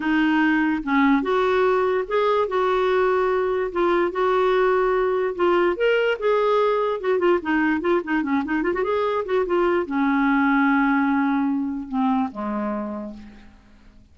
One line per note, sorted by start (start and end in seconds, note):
0.00 0.82 D#4
0.83 1.22 C#4
1.22 2.04 F#4
2.07 2.48 G#4
2.48 3.71 F#4
3.72 4.11 F4
4.11 5.34 F#4
5.35 5.76 F4
5.76 6.17 A#4
6.19 7.00 G#4
7.00 7.18 F#4
7.18 7.39 F4
7.42 7.80 D#4
7.80 8.01 F4
8.04 8.22 D#4
8.22 8.43 C#4
8.45 8.62 D#4
8.62 8.73 F4
8.73 8.83 F#4
8.83 9.24 G#4
9.25 9.45 F#4
9.46 9.86 F4
9.86 11.88 C#4
11.88 12.29 C4
12.31 13.13 G#3